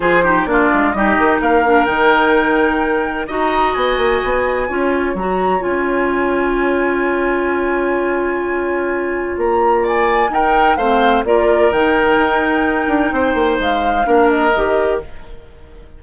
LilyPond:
<<
  \new Staff \with { instrumentName = "flute" } { \time 4/4 \tempo 4 = 128 c''4 d''4 dis''4 f''4 | g''2. ais''4 | gis''2. ais''4 | gis''1~ |
gis''1 | ais''4 gis''4 g''4 f''4 | d''4 g''2.~ | g''4 f''4. dis''4. | }
  \new Staff \with { instrumentName = "oboe" } { \time 4/4 gis'8 g'8 f'4 g'4 ais'4~ | ais'2. dis''4~ | dis''2 cis''2~ | cis''1~ |
cis''1~ | cis''4 d''4 ais'4 c''4 | ais'1 | c''2 ais'2 | }
  \new Staff \with { instrumentName = "clarinet" } { \time 4/4 f'8 dis'8 d'4 dis'4. d'8 | dis'2. fis'4~ | fis'2 f'4 fis'4 | f'1~ |
f'1~ | f'2 dis'4 c'4 | f'4 dis'2.~ | dis'2 d'4 g'4 | }
  \new Staff \with { instrumentName = "bassoon" } { \time 4/4 f4 ais8 gis8 g8 dis8 ais4 | dis2. dis'4 | b8 ais8 b4 cis'4 fis4 | cis'1~ |
cis'1 | ais2 dis'4 a4 | ais4 dis4 dis'4. d'8 | c'8 ais8 gis4 ais4 dis4 | }
>>